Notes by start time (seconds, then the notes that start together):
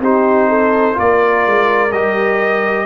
0.00 C4 D#4 G4 C5
0.49 A4
0.94 A#3 F4 A#4 D5
1.46 G#3
1.92 G3 G4 D#5